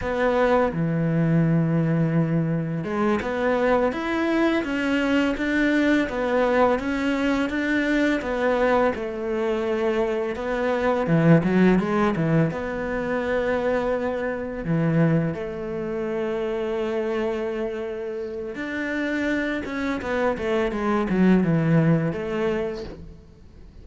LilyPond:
\new Staff \with { instrumentName = "cello" } { \time 4/4 \tempo 4 = 84 b4 e2. | gis8 b4 e'4 cis'4 d'8~ | d'8 b4 cis'4 d'4 b8~ | b8 a2 b4 e8 |
fis8 gis8 e8 b2~ b8~ | b8 e4 a2~ a8~ | a2 d'4. cis'8 | b8 a8 gis8 fis8 e4 a4 | }